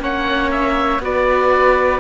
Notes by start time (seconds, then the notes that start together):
0.00 A#3 C#4 C#5 F#5
0.51 E5
0.99 B3 F#4 B4 D5